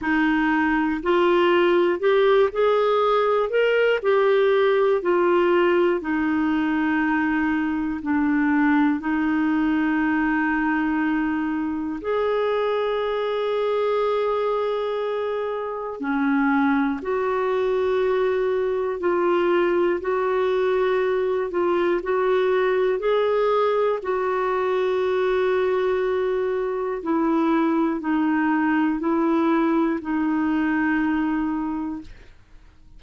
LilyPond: \new Staff \with { instrumentName = "clarinet" } { \time 4/4 \tempo 4 = 60 dis'4 f'4 g'8 gis'4 ais'8 | g'4 f'4 dis'2 | d'4 dis'2. | gis'1 |
cis'4 fis'2 f'4 | fis'4. f'8 fis'4 gis'4 | fis'2. e'4 | dis'4 e'4 dis'2 | }